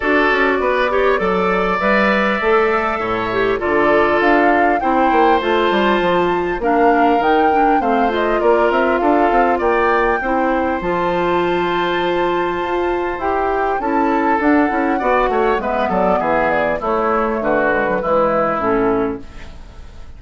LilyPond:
<<
  \new Staff \with { instrumentName = "flute" } { \time 4/4 \tempo 4 = 100 d''2. e''4~ | e''2 d''4 f''4 | g''4 a''2 f''4 | g''4 f''8 dis''8 d''8 e''8 f''4 |
g''2 a''2~ | a''2 g''4 a''4 | fis''2 e''8 d''8 e''8 d''8 | cis''4 b'2 a'4 | }
  \new Staff \with { instrumentName = "oboe" } { \time 4/4 a'4 b'8 cis''8 d''2~ | d''4 cis''4 a'2 | c''2. ais'4~ | ais'4 c''4 ais'4 a'4 |
d''4 c''2.~ | c''2. a'4~ | a'4 d''8 cis''8 b'8 a'8 gis'4 | e'4 fis'4 e'2 | }
  \new Staff \with { instrumentName = "clarinet" } { \time 4/4 fis'4. g'8 a'4 b'4 | a'4. g'8 f'2 | e'4 f'2 d'4 | dis'8 d'8 c'8 f'2~ f'8~ |
f'4 e'4 f'2~ | f'2 g'4 e'4 | d'8 e'8 fis'4 b2 | a4. gis16 fis16 gis4 cis'4 | }
  \new Staff \with { instrumentName = "bassoon" } { \time 4/4 d'8 cis'8 b4 fis4 g4 | a4 a,4 d4 d'4 | c'8 ais8 a8 g8 f4 ais4 | dis4 a4 ais8 c'8 d'8 c'8 |
ais4 c'4 f2~ | f4 f'4 e'4 cis'4 | d'8 cis'8 b8 a8 gis8 fis8 e4 | a4 d4 e4 a,4 | }
>>